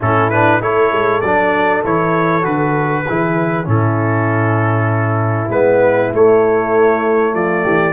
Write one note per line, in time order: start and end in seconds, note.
0.01 0.61 A2
0.01 0.32 C#4
0.01 0.62 E4
0.01 0.30 A4
0.30 0.61 D4
0.30 0.60 B4
0.61 0.92 A3
0.61 1.22 E4
0.61 3.07 A4
0.61 1.20 C#5
0.92 1.22 G#3
1.20 1.83 F#3
1.20 1.85 D4
1.20 1.82 D5
1.83 2.45 E3
1.83 2.42 E4
1.83 2.44 C#5
2.42 3.06 D3
2.42 3.03 F#4
2.42 3.67 B4
3.07 3.66 E3
3.07 3.64 E4
3.07 3.67 G#4
3.64 5.49 A2
3.64 5.47 C#4
3.64 7.34 E4
3.64 5.50 A4
5.49 6.10 G#3
5.49 6.13 B3
5.49 6.11 B4
6.13 7.33 A3
6.13 7.93 A3
6.13 7.35 C#5
7.33 7.64 F3
7.33 7.63 F4
7.33 7.93 D5
7.63 7.93 E3
7.63 7.93 G4